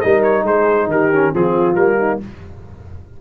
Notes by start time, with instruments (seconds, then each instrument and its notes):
0.00 tuba G3, trombone D#4, horn A#4, trumpet D#5
0.23 trumpet C#5
0.43 tuba G#3, horn G#4, trumpet C5
0.86 tuba D#3, horn G4, trumpet A#4
1.12 trombone C#4
1.33 tuba F3, trombone C4, horn F4, trumpet G#4
1.75 tuba G3, trombone A#3, trumpet A#4
1.99 horn D#4